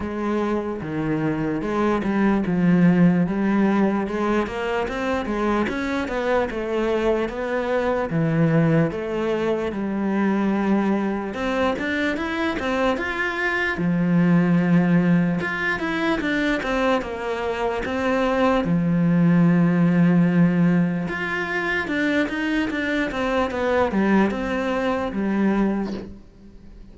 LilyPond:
\new Staff \with { instrumentName = "cello" } { \time 4/4 \tempo 4 = 74 gis4 dis4 gis8 g8 f4 | g4 gis8 ais8 c'8 gis8 cis'8 b8 | a4 b4 e4 a4 | g2 c'8 d'8 e'8 c'8 |
f'4 f2 f'8 e'8 | d'8 c'8 ais4 c'4 f4~ | f2 f'4 d'8 dis'8 | d'8 c'8 b8 g8 c'4 g4 | }